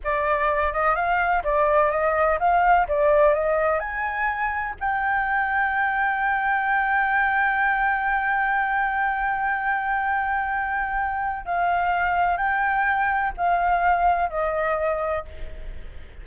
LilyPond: \new Staff \with { instrumentName = "flute" } { \time 4/4 \tempo 4 = 126 d''4. dis''8 f''4 d''4 | dis''4 f''4 d''4 dis''4 | gis''2 g''2~ | g''1~ |
g''1~ | g''1 | f''2 g''2 | f''2 dis''2 | }